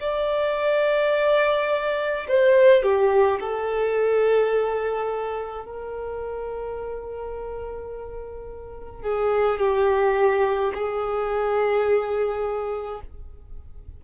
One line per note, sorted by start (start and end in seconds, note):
0.00 2.26 D5
2.28 2.83 C5
2.83 3.39 G4
3.40 5.65 A4
5.65 9.02 A#4
9.02 9.59 G#4
9.59 10.72 G4
10.74 13.01 G#4